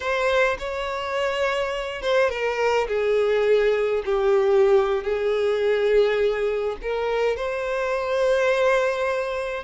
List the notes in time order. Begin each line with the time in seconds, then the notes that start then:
0.00 C5
0.58 C#5
2.02 C5
2.29 A#4
2.87 G#4
4.05 G4
5.03 G#4
6.82 A#4
7.36 C5